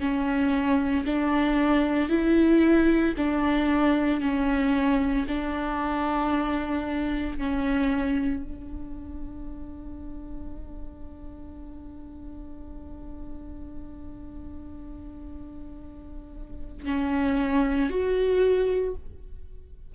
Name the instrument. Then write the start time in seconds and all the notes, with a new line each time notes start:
viola
0.00 C#4
1.06 D4
2.10 E4
3.18 D4
4.22 C#4
5.28 D4
7.38 C#4
8.44 D4
16.86 C#4
17.90 F#4